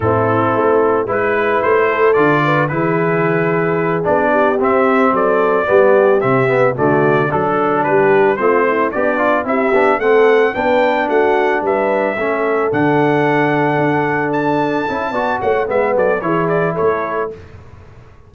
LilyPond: <<
  \new Staff \with { instrumentName = "trumpet" } { \time 4/4 \tempo 4 = 111 a'2 b'4 c''4 | d''4 b'2~ b'8 d''8~ | d''8 e''4 d''2 e''8~ | e''8 d''4 a'4 b'4 c''8~ |
c''8 d''4 e''4 fis''4 g''8~ | g''8 fis''4 e''2 fis''8~ | fis''2~ fis''8 a''4.~ | a''8 fis''8 e''8 d''8 cis''8 d''8 cis''4 | }
  \new Staff \with { instrumentName = "horn" } { \time 4/4 e'2 b'4. a'8~ | a'8 b'8 gis'2. | g'4. a'4 g'4.~ | g'8 fis'4 a'4 g'4 f'8 |
e'8 d'4 g'4 a'4 b'8~ | b'8 fis'4 b'4 a'4.~ | a'1 | d''8 cis''8 b'8 a'8 gis'4 a'4 | }
  \new Staff \with { instrumentName = "trombone" } { \time 4/4 c'2 e'2 | f'4 e'2~ e'8 d'8~ | d'8 c'2 b4 c'8 | b8 a4 d'2 c'8~ |
c'8 g'8 f'8 e'8 d'8 c'4 d'8~ | d'2~ d'8 cis'4 d'8~ | d'2.~ d'8 e'8 | fis'4 b4 e'2 | }
  \new Staff \with { instrumentName = "tuba" } { \time 4/4 a,4 a4 gis4 a4 | d4 e2~ e8 b8~ | b8 c'4 fis4 g4 c8~ | c8 d4 fis4 g4 a8~ |
a8 b4 c'8 b8 a4 b8~ | b8 a4 g4 a4 d8~ | d4. d'2 cis'8 | b8 a8 gis8 fis8 e4 a4 | }
>>